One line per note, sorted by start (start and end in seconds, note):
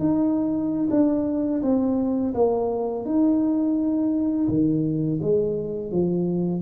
0.00 0.89 D#4
0.91 1.62 D4
1.63 2.34 C4
2.34 3.06 A#3
3.06 4.48 D#4
4.49 5.20 D#3
5.22 5.92 G#3
5.92 6.62 F3